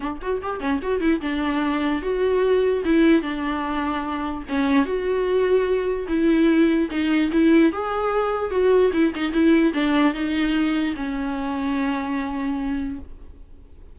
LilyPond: \new Staff \with { instrumentName = "viola" } { \time 4/4 \tempo 4 = 148 d'8 fis'8 g'8 cis'8 fis'8 e'8 d'4~ | d'4 fis'2 e'4 | d'2. cis'4 | fis'2. e'4~ |
e'4 dis'4 e'4 gis'4~ | gis'4 fis'4 e'8 dis'8 e'4 | d'4 dis'2 cis'4~ | cis'1 | }